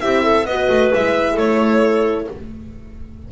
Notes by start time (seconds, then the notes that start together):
0.00 C4 E4 G4 E5
0.23 A4
0.45 B3 F#4 B4 D#5
0.69 A3
0.95 G#3 E4 E5
1.33 A3 A4 C#5